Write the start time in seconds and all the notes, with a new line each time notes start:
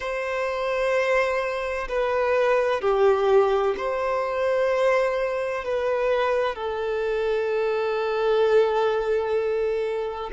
0.00 C5
1.88 B4
2.81 G4
3.77 C5
5.64 B4
6.55 A4